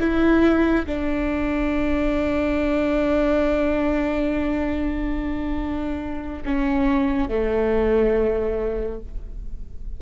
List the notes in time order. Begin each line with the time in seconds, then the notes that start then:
0.00 E4
0.86 D4
6.45 C#4
7.29 A3